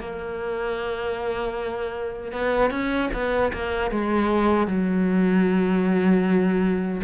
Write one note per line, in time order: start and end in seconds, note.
0.00 2.32 A#3
2.32 2.71 B3
2.71 3.10 C#4
3.13 3.52 B3
3.53 3.91 A#3
3.91 4.68 G#3
4.68 7.01 F#3